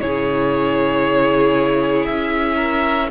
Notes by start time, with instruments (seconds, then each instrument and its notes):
0.00 cello C#3, viola E4, violin G#4 C#5
2.05 cello C#4, violin E5
2.56 violin A#4